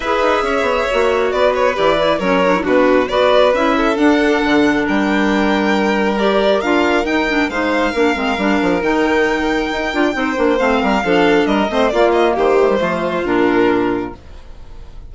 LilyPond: <<
  \new Staff \with { instrumentName = "violin" } { \time 4/4 \tempo 4 = 136 e''2. d''8 cis''8 | d''4 cis''4 b'4 d''4 | e''4 fis''2 g''4~ | g''2 d''4 f''4 |
g''4 f''2. | g''1 | f''2 dis''4 d''8 dis''8 | c''2 ais'2 | }
  \new Staff \with { instrumentName = "violin" } { \time 4/4 b'4 cis''2 b'4~ | b'4 ais'4 fis'4 b'4~ | b'8 a'2~ a'8 ais'4~ | ais'1~ |
ais'4 c''4 ais'2~ | ais'2. c''4~ | c''8 ais'8 a'4 ais'8 c''8 f'4 | g'4 f'2. | }
  \new Staff \with { instrumentName = "clarinet" } { \time 4/4 gis'2 fis'2 | g'8 e'8 cis'8 d'16 e'16 d'4 fis'4 | e'4 d'2.~ | d'2 g'4 f'4 |
dis'8 d'8 dis'4 d'8 c'8 d'4 | dis'2~ dis'8 f'8 dis'8 d'8 | c'4 d'4. c'8 ais4~ | ais8 a16 g16 a4 d'2 | }
  \new Staff \with { instrumentName = "bassoon" } { \time 4/4 e'8 dis'8 cis'8 b8 ais4 b4 | e4 fis4 b,4 b4 | cis'4 d'4 d4 g4~ | g2. d'4 |
dis'4 gis4 ais8 gis8 g8 f8 | dis2 dis'8 d'8 c'8 ais8 | a8 g8 f4 g8 a8 ais4 | dis4 f4 ais,2 | }
>>